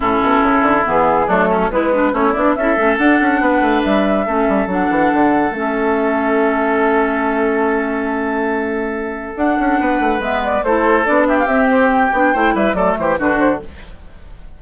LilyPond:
<<
  \new Staff \with { instrumentName = "flute" } { \time 4/4 \tempo 4 = 141 a'2 gis'4 a'4 | b'4 cis''8 d''8 e''4 fis''4~ | fis''4 e''2 fis''4~ | fis''4 e''2.~ |
e''1~ | e''2 fis''2 | e''8 d''8 c''4 d''8 e''16 f''16 e''8 c''8 | g''4. e''8 d''8 c''8 b'8 c''8 | }
  \new Staff \with { instrumentName = "oboe" } { \time 4/4 e'2. d'8 cis'8 | b4 e'4 a'2 | b'2 a'2~ | a'1~ |
a'1~ | a'2. b'4~ | b'4 a'4. g'4.~ | g'4 c''8 b'8 a'8 g'8 fis'4 | }
  \new Staff \with { instrumentName = "clarinet" } { \time 4/4 cis'2 b4 a4 | e'8 d'8 cis'8 d'8 e'8 cis'8 d'4~ | d'2 cis'4 d'4~ | d'4 cis'2.~ |
cis'1~ | cis'2 d'2 | b4 e'4 d'4 c'4~ | c'8 d'8 e'4 a4 d'4 | }
  \new Staff \with { instrumentName = "bassoon" } { \time 4/4 a,8 b,8 cis8 d8 e4 fis4 | gis4 a8 b8 cis'8 a8 d'8 cis'8 | b8 a8 g4 a8 g8 fis8 e8 | d4 a2.~ |
a1~ | a2 d'8 cis'8 b8 a8 | gis4 a4 b4 c'4~ | c'8 b8 a8 g8 fis8 e8 d4 | }
>>